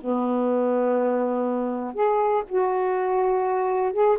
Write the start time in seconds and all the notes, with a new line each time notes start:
0.00 B3
1.94 G#4
2.48 F#4
3.93 G#4